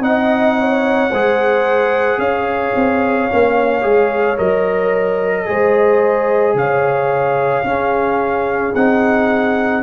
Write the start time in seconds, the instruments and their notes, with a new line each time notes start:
0.00 tuba C4, trombone D#4, horn D#5, trumpet F#5
0.59 horn C#5
1.10 tuba G#3, trombone G#4, horn C5
2.18 tuba C#4, horn C#5, trumpet F5
2.75 tuba C4
3.30 tuba A#3, trombone C#4
3.81 tuba G#3, trombone G#4
4.37 tuba F#3, trombone A#4, trumpet D#5
5.45 tuba G#3, trombone G#4, horn C5
6.55 tuba C#3, horn C#5, trumpet F5
7.64 tuba C#4, trombone C#4, horn G#4
8.75 tuba C4, trombone D#4, trumpet F#5